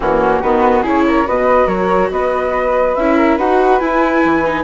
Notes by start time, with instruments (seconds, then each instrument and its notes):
0.00 bassoon E3, viola A#3, flute C#4 F#4
0.41 bassoon D#3, viola B3, flute F#4 B4
0.82 bassoon C#3, viola E4, flute G#4 C#5
1.07 flute A#4
1.25 bassoon B2, viola F#4, flute B4 D#5
1.66 bassoon F#3, flute A#4 C#5
2.10 bassoon B3, flute B4 D#5
2.95 bassoon C#4, viola E4, flute E5
3.17 flute A#4
3.36 bassoon D#4, viola F#4, flute B4 F#5
3.79 viola E4, bassoon E4, flute G#5
4.24 bassoon E3
4.46 viola D#4